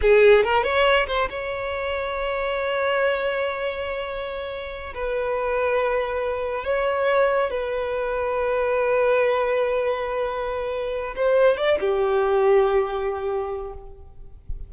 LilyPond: \new Staff \with { instrumentName = "violin" } { \time 4/4 \tempo 4 = 140 gis'4 ais'8 cis''4 c''8 cis''4~ | cis''1~ | cis''2.~ cis''8 b'8~ | b'2.~ b'8 cis''8~ |
cis''4. b'2~ b'8~ | b'1~ | b'2 c''4 d''8 g'8~ | g'1 | }